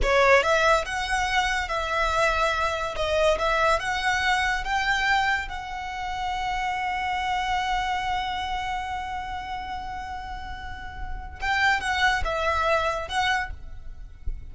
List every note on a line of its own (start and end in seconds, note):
0.02 0.42 C#5
0.42 0.85 E5
0.85 1.68 F#5
1.68 2.95 E5
2.95 3.38 D#5
3.38 3.79 E5
3.79 4.64 F#5
4.64 5.48 G5
5.48 11.40 F#5
11.40 11.80 G5
11.80 12.22 F#5
12.24 13.08 E5
13.08 13.50 F#5